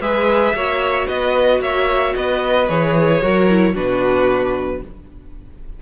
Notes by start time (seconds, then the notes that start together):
0.00 G#3 G#4 B4 E5
0.54 A#3 F#4 C#5
1.07 B3 B4 D#5
1.60 A#3 C#5 E5
2.15 B3 B4 D#5
2.68 E3 G#4 C#5
3.21 F#3 F#4 A#4
3.49 E4
3.74 B2 D4 F#4 B4